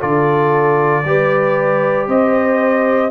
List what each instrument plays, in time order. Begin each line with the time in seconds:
0.00 tuba D3, trombone F4, horn A4, trumpet D5
1.05 tuba G3, trombone G4, horn B4
2.08 tuba C4, horn C5, trumpet D#5